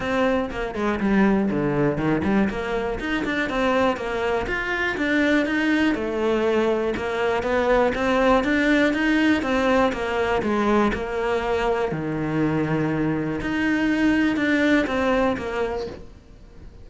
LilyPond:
\new Staff \with { instrumentName = "cello" } { \time 4/4 \tempo 4 = 121 c'4 ais8 gis8 g4 d4 | dis8 g8 ais4 dis'8 d'8 c'4 | ais4 f'4 d'4 dis'4 | a2 ais4 b4 |
c'4 d'4 dis'4 c'4 | ais4 gis4 ais2 | dis2. dis'4~ | dis'4 d'4 c'4 ais4 | }